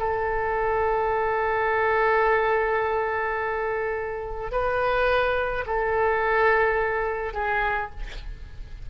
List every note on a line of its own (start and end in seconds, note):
0.00 4.52 A4
4.52 5.65 B4
5.67 7.34 A4
7.34 7.90 G#4